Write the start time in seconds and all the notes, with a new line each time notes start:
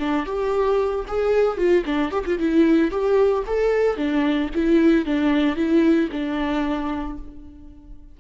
0.00 D4
0.26 G4
1.09 G#4
1.58 F4
1.86 D4
2.12 G4
2.26 F4
2.40 E4
2.91 G4
3.47 A4
3.97 D4
4.55 E4
5.06 D4
5.56 E4
6.12 D4